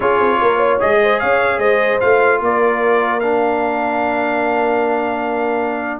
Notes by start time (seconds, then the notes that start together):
0.00 C#4 F4 G#4 C#5
0.19 C4
0.41 A#3 A#4
0.57 C#5
0.79 G#3 G#4 D#5
1.02 C5
1.19 C#4 C#5 F5
1.58 G#3 C5 D#5
2.00 A3 F4 F5
2.40 A#3 A#4 D5
3.20 D4 F5